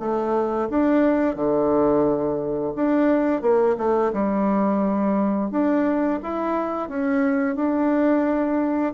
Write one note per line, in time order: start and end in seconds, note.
0.00 0.69 A3
0.70 1.36 D4
1.36 2.74 D3
2.76 3.42 D4
3.42 3.76 A#3
3.78 4.13 A3
4.13 5.51 G3
5.51 6.20 D4
6.23 6.89 E4
6.89 7.56 C#4
7.56 8.94 D4